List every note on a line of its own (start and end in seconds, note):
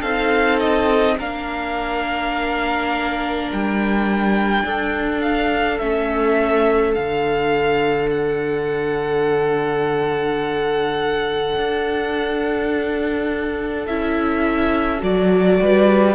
0.00 1.18 C4
0.00 1.19 D#4
0.00 1.15 A4
0.00 0.59 F5
0.60 1.18 D#5
1.19 3.50 A#3
1.19 5.80 D4
1.19 4.65 A#4
1.19 3.51 F5
3.52 4.64 G3
3.52 5.22 G5
4.64 5.80 D4
4.64 15.61 A4
5.22 5.79 F5
5.79 6.96 A3
5.79 6.95 C#4
5.79 6.94 E5
6.94 11.57 D3
6.94 13.87 D4
6.94 8.10 F5
8.11 13.87 F#5
11.57 13.87 D4
13.87 15.03 C#4
13.87 15.00 E4
13.87 15.02 E5
15.00 15.60 F#3
15.00 16.15 F#4
15.00 16.15 D5
15.62 16.15 G3
15.62 16.15 B4